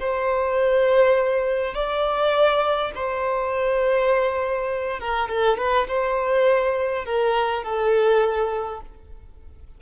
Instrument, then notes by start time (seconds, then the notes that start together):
violin
0.00 C5
1.74 D5
2.95 C5
5.00 A#4
5.29 A4
5.58 B4
5.88 C5
7.05 A#4
7.64 A4